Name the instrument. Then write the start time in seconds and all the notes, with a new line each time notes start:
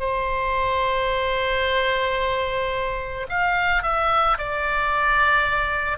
oboe
0.00 C5
3.29 F5
3.83 E5
4.38 D5